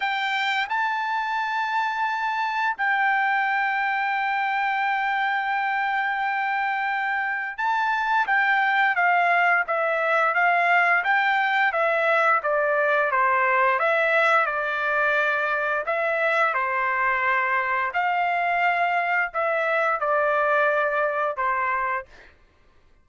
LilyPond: \new Staff \with { instrumentName = "trumpet" } { \time 4/4 \tempo 4 = 87 g''4 a''2. | g''1~ | g''2. a''4 | g''4 f''4 e''4 f''4 |
g''4 e''4 d''4 c''4 | e''4 d''2 e''4 | c''2 f''2 | e''4 d''2 c''4 | }